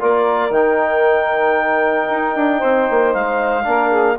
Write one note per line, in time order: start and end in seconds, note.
0.00 0.51 A#3
0.00 0.52 F4
0.00 2.60 A#4
0.00 0.53 D5
0.51 2.07 D#3
0.51 3.64 D#4
0.51 3.14 G5
2.10 2.36 D#4
2.36 2.62 D4
2.60 2.90 C4
2.60 3.64 C5
2.91 3.15 A#3
3.14 3.67 G#3
3.14 4.18 F5
3.64 4.19 A#3
3.64 4.16 D4
3.64 3.90 A#4
3.90 4.16 G#4